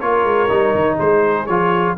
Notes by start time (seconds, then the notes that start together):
0.00 A#3 F4 A#4 C#5
0.24 G#3
0.49 G3 D#4
0.75 D#3
0.99 G#3 G#4 C5
1.46 F3 F4 C#5